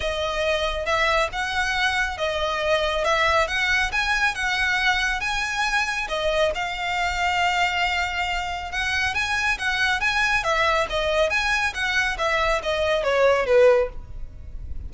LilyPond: \new Staff \with { instrumentName = "violin" } { \time 4/4 \tempo 4 = 138 dis''2 e''4 fis''4~ | fis''4 dis''2 e''4 | fis''4 gis''4 fis''2 | gis''2 dis''4 f''4~ |
f''1 | fis''4 gis''4 fis''4 gis''4 | e''4 dis''4 gis''4 fis''4 | e''4 dis''4 cis''4 b'4 | }